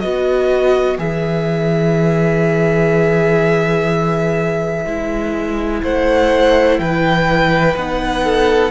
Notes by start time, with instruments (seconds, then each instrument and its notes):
0.00 cello B3, viola F#4, violin B4 D#5
0.98 cello E3, viola G#4, violin E5
4.85 cello G#3, viola E4
5.83 cello A3, violin C5 F#5
6.79 cello E3, violin B4 G5
7.76 cello B3, viola D#4, violin F#5
8.24 violin A4